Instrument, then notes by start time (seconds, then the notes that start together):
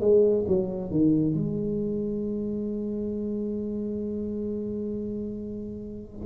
tuba
0.00 G#3
0.48 F#3
0.91 D#3
1.34 G#3